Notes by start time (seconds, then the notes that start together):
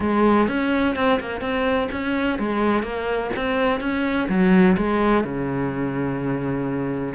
0.00 G#3
0.48 C#4
0.95 C4
1.20 A#3
1.40 C4
1.91 C#4
2.38 G#3
2.82 A#3
3.36 C4
3.80 C#4
4.28 F#3
4.76 G#3
5.24 C#3